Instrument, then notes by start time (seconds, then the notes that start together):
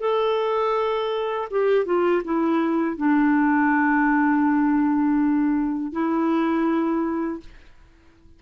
clarinet
0.00 A4
1.51 G4
1.85 F4
2.24 E4
2.97 D4
5.92 E4